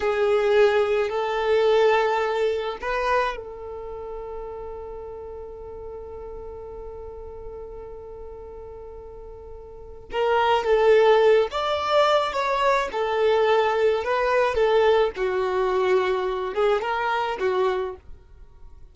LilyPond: \new Staff \with { instrumentName = "violin" } { \time 4/4 \tempo 4 = 107 gis'2 a'2~ | a'4 b'4 a'2~ | a'1~ | a'1~ |
a'2 ais'4 a'4~ | a'8 d''4. cis''4 a'4~ | a'4 b'4 a'4 fis'4~ | fis'4. gis'8 ais'4 fis'4 | }